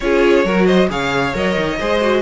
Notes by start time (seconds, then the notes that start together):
0.00 C#4 F4 G#4 C#5
0.44 F#3 F#4 A#4
0.65 C5 D#5
0.89 C#3 G#4 C#5 F5
1.33 F#3 A#4 D#5
1.57 D#3
1.79 G#3 G#4 C5
2.01 F#4